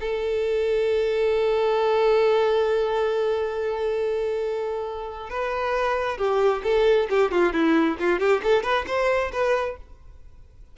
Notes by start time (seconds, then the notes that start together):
0.00 A4
5.30 B4
6.18 G4
6.63 A4
7.09 G4
7.31 F4
7.53 E4
7.99 F4
8.19 G4
8.43 A4
8.63 B4
8.87 C5
9.32 B4